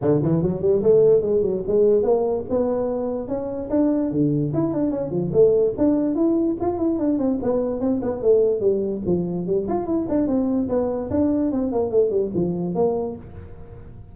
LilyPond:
\new Staff \with { instrumentName = "tuba" } { \time 4/4 \tempo 4 = 146 d8 e8 fis8 g8 a4 gis8 fis8 | gis4 ais4 b2 | cis'4 d'4 d4 e'8 d'8 | cis'8 f8 a4 d'4 e'4 |
f'8 e'8 d'8 c'8 b4 c'8 b8 | a4 g4 f4 g8 f'8 | e'8 d'8 c'4 b4 d'4 | c'8 ais8 a8 g8 f4 ais4 | }